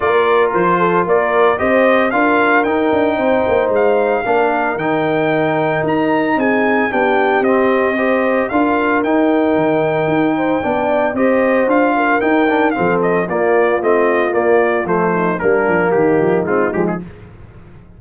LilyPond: <<
  \new Staff \with { instrumentName = "trumpet" } { \time 4/4 \tempo 4 = 113 d''4 c''4 d''4 dis''4 | f''4 g''2 f''4~ | f''4 g''2 ais''4 | gis''4 g''4 dis''2 |
f''4 g''2.~ | g''4 dis''4 f''4 g''4 | f''8 dis''8 d''4 dis''4 d''4 | c''4 ais'4 g'4 f'8 g'16 gis'16 | }
  \new Staff \with { instrumentName = "horn" } { \time 4/4 ais'4. a'8 ais'4 c''4 | ais'2 c''2 | ais'1 | gis'4 g'2 c''4 |
ais'2.~ ais'8 c''8 | d''4 c''4. ais'4. | a'4 f'2.~ | f'8 dis'8 d'4 dis'2 | }
  \new Staff \with { instrumentName = "trombone" } { \time 4/4 f'2. g'4 | f'4 dis'2. | d'4 dis'2.~ | dis'4 d'4 c'4 g'4 |
f'4 dis'2. | d'4 g'4 f'4 dis'8 d'8 | c'4 ais4 c'4 ais4 | a4 ais2 c'8 gis8 | }
  \new Staff \with { instrumentName = "tuba" } { \time 4/4 ais4 f4 ais4 c'4 | d'4 dis'8 d'8 c'8 ais8 gis4 | ais4 dis2 dis'4 | c'4 b4 c'2 |
d'4 dis'4 dis4 dis'4 | b4 c'4 d'4 dis'4 | f4 ais4 a4 ais4 | f4 g8 f8 dis8 f8 gis8 f8 | }
>>